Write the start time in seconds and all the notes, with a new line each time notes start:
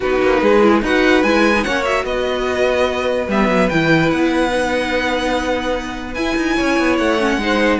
0.00 B3 D#4 F#4 B4
0.21 A#3
0.42 G#3 G#4
0.61 E4
0.82 D#4 F#4 B4 F#5
1.22 G#3 E4 G#5
1.55 D#4
1.63 A#3 C#4 C#5 F#5
1.82 F#4 E5
2.04 B3 B4 D#5
3.27 G3 B3 E5
3.48 F#3
3.69 E3 E4 G5
4.10 B3 F#5
4.50 D#4
6.14 E4 G#5
6.36 D#4
6.55 C#4 C#5
6.79 B3
6.97 A3 F#5
7.19 C#4
7.37 G#3 D#4 C5